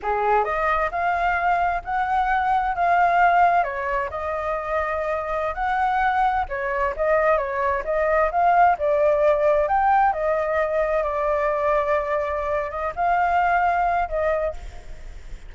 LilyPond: \new Staff \with { instrumentName = "flute" } { \time 4/4 \tempo 4 = 132 gis'4 dis''4 f''2 | fis''2 f''2 | cis''4 dis''2.~ | dis''16 fis''2 cis''4 dis''8.~ |
dis''16 cis''4 dis''4 f''4 d''8.~ | d''4~ d''16 g''4 dis''4.~ dis''16~ | dis''16 d''2.~ d''8. | dis''8 f''2~ f''8 dis''4 | }